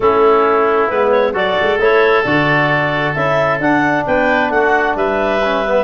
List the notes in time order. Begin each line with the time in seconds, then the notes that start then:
0.00 A3 C#4 E4 A4
0.88 G#3 B3 B4
1.11 C#5
1.33 F#3 F#4 A4 D5
1.61 G#3
1.78 A3 E4 C#5
2.24 D3 F#4 D5
3.14 C#4 E4 E5
3.59 D4 F#5
4.05 B3 B4 G5
4.49 A3 F#4 F#5
4.95 G3 B4 E5
5.43 C#4
5.65 B3